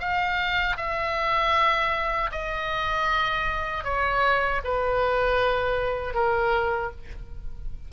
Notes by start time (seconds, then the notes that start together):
0.00 F5
0.77 E5
2.32 D#5
3.85 C#5
4.64 B4
6.14 A#4